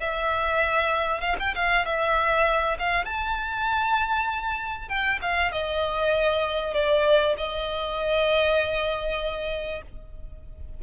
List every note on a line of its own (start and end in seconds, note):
0.00 1.21 E5
1.21 1.36 F5
1.39 1.55 G5
1.55 1.86 F5
1.86 2.77 E5
2.79 3.05 F5
3.05 4.89 A5
4.89 5.19 G5
5.22 5.52 F5
5.52 6.74 D#5
6.74 7.35 D5
7.37 9.82 D#5